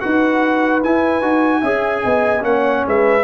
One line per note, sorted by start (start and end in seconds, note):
0.00 0.83 D#4
0.00 0.81 F#4
0.00 1.60 B4
0.00 0.81 F#5
0.83 1.21 E4
0.83 1.22 E4
0.83 2.44 G#5
1.21 1.62 D#4
1.21 1.62 F#4
1.60 2.04 C#4
1.60 2.40 G#4
1.60 2.01 E5
2.03 2.43 B3
2.03 2.44 D#5
2.40 2.84 A#3
2.40 3.21 C#4
2.40 2.84 F#5
2.49 2.87 C#5
2.87 3.24 G#3
2.87 3.24 B4
2.87 3.24 E5